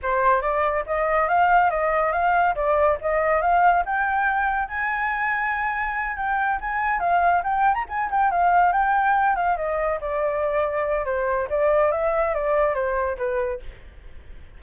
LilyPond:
\new Staff \with { instrumentName = "flute" } { \time 4/4 \tempo 4 = 141 c''4 d''4 dis''4 f''4 | dis''4 f''4 d''4 dis''4 | f''4 g''2 gis''4~ | gis''2~ gis''8 g''4 gis''8~ |
gis''8 f''4 g''8. ais''16 gis''8 g''8 f''8~ | f''8 g''4. f''8 dis''4 d''8~ | d''2 c''4 d''4 | e''4 d''4 c''4 b'4 | }